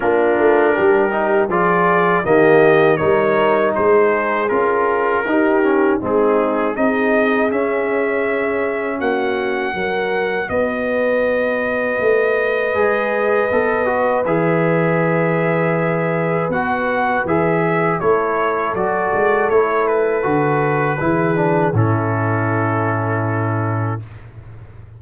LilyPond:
<<
  \new Staff \with { instrumentName = "trumpet" } { \time 4/4 \tempo 4 = 80 ais'2 d''4 dis''4 | cis''4 c''4 ais'2 | gis'4 dis''4 e''2 | fis''2 dis''2~ |
dis''2. e''4~ | e''2 fis''4 e''4 | cis''4 d''4 cis''8 b'4.~ | b'4 a'2. | }
  \new Staff \with { instrumentName = "horn" } { \time 4/4 f'4 g'4 gis'4 g'4 | ais'4 gis'2 g'4 | dis'4 gis'2. | fis'4 ais'4 b'2~ |
b'1~ | b'1 | a'1 | gis'4 e'2. | }
  \new Staff \with { instrumentName = "trombone" } { \time 4/4 d'4. dis'8 f'4 ais4 | dis'2 f'4 dis'8 cis'8 | c'4 dis'4 cis'2~ | cis'4 fis'2.~ |
fis'4 gis'4 a'8 fis'8 gis'4~ | gis'2 fis'4 gis'4 | e'4 fis'4 e'4 fis'4 | e'8 d'8 cis'2. | }
  \new Staff \with { instrumentName = "tuba" } { \time 4/4 ais8 a8 g4 f4 dis4 | g4 gis4 cis'4 dis'4 | gis4 c'4 cis'2 | ais4 fis4 b2 |
a4 gis4 b4 e4~ | e2 b4 e4 | a4 fis8 gis8 a4 d4 | e4 a,2. | }
>>